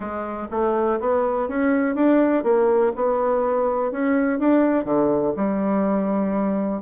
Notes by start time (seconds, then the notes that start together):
0.00 G#3
0.50 A3
1.00 B3
1.48 C#4
1.95 D4
2.43 A#3
2.95 B3
3.91 C#4
4.39 D4
4.84 D3
5.36 G3